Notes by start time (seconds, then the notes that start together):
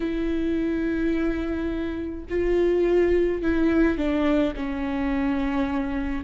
0.00 E4
2.30 F4
3.42 E4
3.97 D4
4.55 C#4